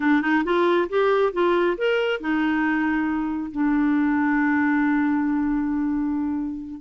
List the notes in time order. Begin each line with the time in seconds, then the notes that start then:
0.00 D4
0.21 D#4
0.44 F4
0.89 G4
1.33 F4
1.77 A#4
2.20 D#4
3.51 D4